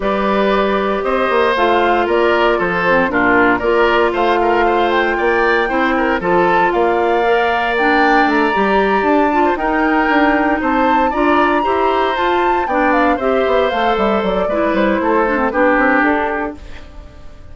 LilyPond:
<<
  \new Staff \with { instrumentName = "flute" } { \time 4/4 \tempo 4 = 116 d''2 dis''4 f''4 | d''4 c''4 ais'4 d''4 | f''4. g''2~ g''8 | a''4 f''2 g''4 |
ais''4. a''4 g''4.~ | g''8 a''4 ais''2 a''8~ | a''8 g''8 f''8 e''4 f''8 e''8 d''8~ | d''8 c''4. b'4 a'4 | }
  \new Staff \with { instrumentName = "oboe" } { \time 4/4 b'2 c''2 | ais'4 a'4 f'4 ais'4 | c''8 ais'8 c''4 d''4 c''8 ais'8 | a'4 d''2.~ |
d''2~ d''16 c''16 ais'4.~ | ais'8 c''4 d''4 c''4.~ | c''8 d''4 c''2~ c''8 | b'4 a'4 g'2 | }
  \new Staff \with { instrumentName = "clarinet" } { \time 4/4 g'2. f'4~ | f'4. c'8 d'4 f'4~ | f'2. e'4 | f'2 ais'4 d'4~ |
d'8 g'4. f'8 dis'4.~ | dis'4. f'4 g'4 f'8~ | f'8 d'4 g'4 a'4. | e'4. d'16 c'16 d'2 | }
  \new Staff \with { instrumentName = "bassoon" } { \time 4/4 g2 c'8 ais8 a4 | ais4 f4 ais,4 ais4 | a2 ais4 c'4 | f4 ais2. |
a8 g4 d'4 dis'4 d'8~ | d'8 c'4 d'4 e'4 f'8~ | f'8 b4 c'8 b8 a8 g8 fis8 | gis8 g8 a4 b8 c'8 d'4 | }
>>